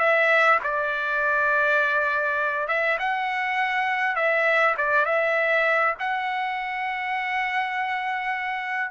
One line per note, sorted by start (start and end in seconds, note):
0.00 0.59 E5
0.64 2.68 D5
2.68 2.98 E5
2.99 4.16 F#5
4.16 4.76 E5
4.78 5.06 D5
5.06 5.95 E5
6.00 8.91 F#5